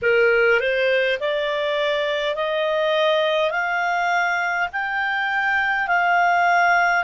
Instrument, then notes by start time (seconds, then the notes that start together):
clarinet
0.02 A#4
0.59 C5
1.20 D5
2.35 D#5
3.50 F5
4.72 G5
5.87 F5